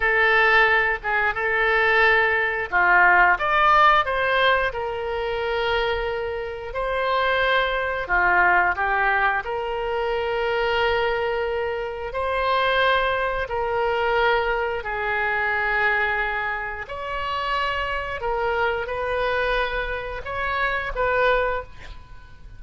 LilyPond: \new Staff \with { instrumentName = "oboe" } { \time 4/4 \tempo 4 = 89 a'4. gis'8 a'2 | f'4 d''4 c''4 ais'4~ | ais'2 c''2 | f'4 g'4 ais'2~ |
ais'2 c''2 | ais'2 gis'2~ | gis'4 cis''2 ais'4 | b'2 cis''4 b'4 | }